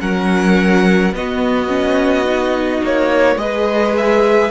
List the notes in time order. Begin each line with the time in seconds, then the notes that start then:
0.00 F#3 C#4 A#4 F#5
1.12 B3 F#4 D#5
1.68 C#4
2.25 D#4
2.83 A#3 C#5
3.36 G#3 G#4 B4 D#5
3.97 E5